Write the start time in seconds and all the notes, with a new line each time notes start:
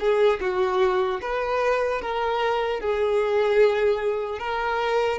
0.00 G#4
0.41 F#4
1.22 B4
2.02 A#4
2.81 G#4
4.39 A#4